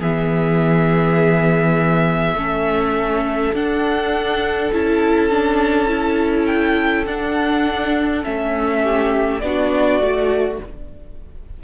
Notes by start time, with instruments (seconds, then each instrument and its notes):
0.00 cello E3, viola B3, violin G#4 E5
2.34 cello A3, viola C#4, violin A4
3.52 cello D4, viola D4, violin F#5
4.72 cello C#4, viola E4, violin A5
5.30 viola D4
5.87 viola E4
6.45 violin G5
7.06 cello D4, viola D4, violin F#5
8.23 cello A3, viola C#4, violin E5
8.82 violin G4
9.40 cello B3, viola D4, violin F#4 D5
10.00 cello A3, viola F#4